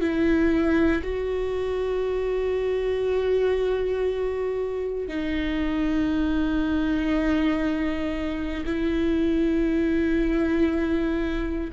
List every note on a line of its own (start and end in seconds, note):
0.00 1.02 E4
1.02 5.08 F#4
5.08 8.63 D#4
8.65 11.70 E4